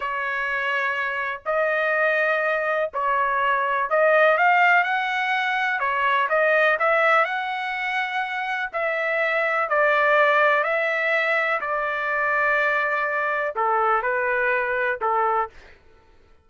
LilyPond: \new Staff \with { instrumentName = "trumpet" } { \time 4/4 \tempo 4 = 124 cis''2. dis''4~ | dis''2 cis''2 | dis''4 f''4 fis''2 | cis''4 dis''4 e''4 fis''4~ |
fis''2 e''2 | d''2 e''2 | d''1 | a'4 b'2 a'4 | }